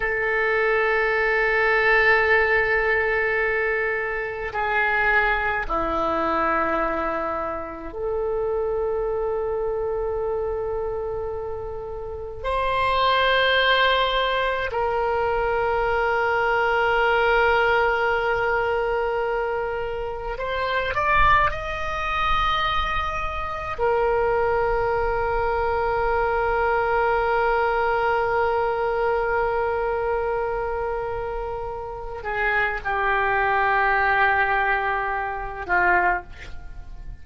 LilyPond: \new Staff \with { instrumentName = "oboe" } { \time 4/4 \tempo 4 = 53 a'1 | gis'4 e'2 a'4~ | a'2. c''4~ | c''4 ais'2.~ |
ais'2 c''8 d''8 dis''4~ | dis''4 ais'2.~ | ais'1~ | ais'8 gis'8 g'2~ g'8 f'8 | }